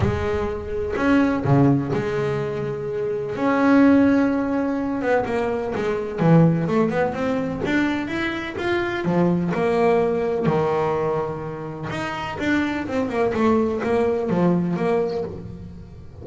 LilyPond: \new Staff \with { instrumentName = "double bass" } { \time 4/4 \tempo 4 = 126 gis2 cis'4 cis4 | gis2. cis'4~ | cis'2~ cis'8 b8 ais4 | gis4 e4 a8 b8 c'4 |
d'4 e'4 f'4 f4 | ais2 dis2~ | dis4 dis'4 d'4 c'8 ais8 | a4 ais4 f4 ais4 | }